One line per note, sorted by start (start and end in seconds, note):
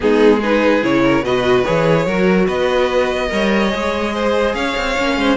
0.00 0.83 G#3
0.00 0.40 B3
0.00 0.38 D#4
0.00 0.42 G#4
0.38 0.81 D#4
0.38 1.00 G#4
0.38 0.83 B4
0.81 1.21 C#3
0.81 1.22 E4
0.81 1.24 C#5
1.04 1.23 A#4
1.21 1.63 B2
1.21 1.65 F#4
1.21 2.06 B4
1.21 1.64 D#5
1.64 2.06 E3
1.64 2.07 G#4
1.64 2.47 C#5
2.06 2.47 F#3
2.06 3.29 F#4
2.06 2.46 A#4
2.46 3.30 B3
2.46 3.28 B4
2.46 4.54 D#5
3.29 3.73 G3
3.29 3.68 A#4
3.29 4.14 C#5
3.68 4.54 G#3
3.68 4.93 G#4
4.14 4.55 C5
4.54 4.75 C#4
4.54 5.18 C#5
4.54 5.36 F5
4.77 4.97 C4
4.98 5.16 A#3
4.98 5.36 C#4
5.16 5.36 G#3
5.16 5.36 C5